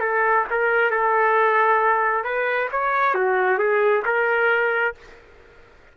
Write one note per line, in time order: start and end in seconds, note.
0.00 0.45 A4
0.50 0.91 A#4
0.91 2.24 A4
2.24 2.69 B4
2.72 3.15 C#5
3.15 3.59 F#4
3.59 4.03 G#4
4.05 4.95 A#4